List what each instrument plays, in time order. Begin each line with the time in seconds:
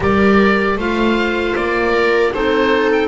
0.00 double bass G3, clarinet G4, viola A#4, oboe D5
0.76 double bass A3, clarinet F4, viola C5, oboe F5
1.55 double bass A#3, oboe D5
1.92 viola A#4
2.33 double bass C4, clarinet D#4, viola A4, oboe C5
2.93 oboe G5